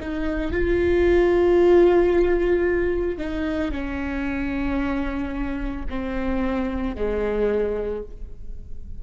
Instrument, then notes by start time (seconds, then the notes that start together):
viola
0.00 D#4
0.52 F4
3.18 D#4
3.72 C#4
5.89 C4
6.96 G#3